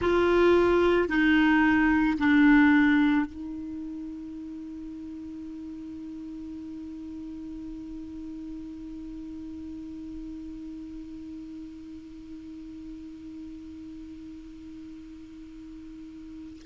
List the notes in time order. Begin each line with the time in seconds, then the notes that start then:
0.00 F4
1.08 D#4
2.18 D4
3.25 D#4